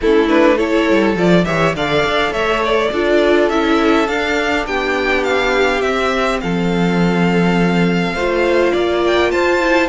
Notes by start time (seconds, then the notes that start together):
0.01 A3 C#4 E4 A4
0.28 D4 B4
0.56 E4 A4 C#5
0.90 G3
1.15 F3 F4 D5
1.44 E3 G4 C#5 E5
1.75 D3 A4 D5 F5
2.05 D4
2.31 A3 C#5 E5
2.64 D5
2.91 D4 F4 A4
3.49 C#4 E4 E5
4.06 D4 F5
4.66 B3 G4 G5
5.23 F5
5.81 C4 E5
6.40 F3 A4 F5
8.13 A3 F4 C5
8.72 A#3 D5
9.05 G5
9.31 F4 C5 A5
9.60 E4